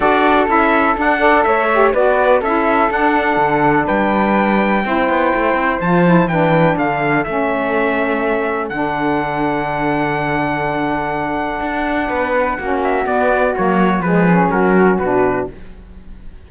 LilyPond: <<
  \new Staff \with { instrumentName = "trumpet" } { \time 4/4 \tempo 4 = 124 d''4 e''4 fis''4 e''4 | d''4 e''4 fis''2 | g''1 | a''4 g''4 f''4 e''4~ |
e''2 fis''2~ | fis''1~ | fis''2~ fis''8 e''8 d''4 | cis''4 b'4 ais'4 b'4 | }
  \new Staff \with { instrumentName = "flute" } { \time 4/4 a'2~ a'8 d''8 cis''4 | b'4 a'2. | b'2 c''2~ | c''4 b'4 a'2~ |
a'1~ | a'1~ | a'4 b'4 fis'2~ | fis'4 gis'4 fis'2 | }
  \new Staff \with { instrumentName = "saxophone" } { \time 4/4 fis'4 e'4 d'8 a'4 g'8 | fis'4 e'4 d'2~ | d'2 e'2 | f'8 e'8 d'2 cis'4~ |
cis'2 d'2~ | d'1~ | d'2 cis'4 b4 | ais4 gis8 cis'4. d'4 | }
  \new Staff \with { instrumentName = "cello" } { \time 4/4 d'4 cis'4 d'4 a4 | b4 cis'4 d'4 d4 | g2 c'8 b8 a8 c'8 | f4 e4 d4 a4~ |
a2 d2~ | d1 | d'4 b4 ais4 b4 | fis4 f4 fis4 b,4 | }
>>